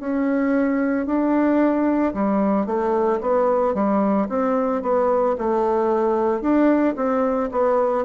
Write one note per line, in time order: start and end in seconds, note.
0.00 1.07 C#4
1.07 2.14 D4
2.14 2.66 G3
2.66 3.20 A3
3.21 3.75 B3
3.75 4.28 G3
4.30 4.82 C4
4.82 5.36 B3
5.39 6.41 A3
6.41 6.95 D4
6.96 7.50 C4
7.51 8.05 B3